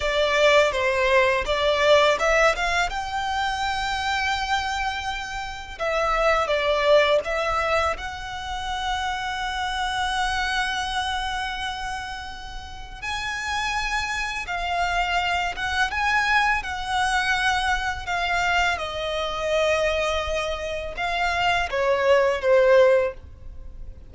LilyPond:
\new Staff \with { instrumentName = "violin" } { \time 4/4 \tempo 4 = 83 d''4 c''4 d''4 e''8 f''8 | g''1 | e''4 d''4 e''4 fis''4~ | fis''1~ |
fis''2 gis''2 | f''4. fis''8 gis''4 fis''4~ | fis''4 f''4 dis''2~ | dis''4 f''4 cis''4 c''4 | }